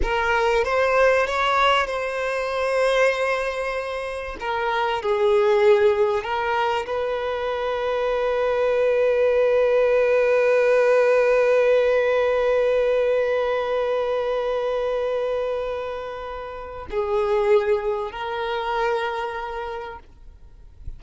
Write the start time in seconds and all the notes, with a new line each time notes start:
0.02 A#4
0.64 C5
1.26 C#5
1.87 C5
4.39 A#4
5.02 G#4
6.23 A#4
6.86 B4
16.90 G#4
18.11 A#4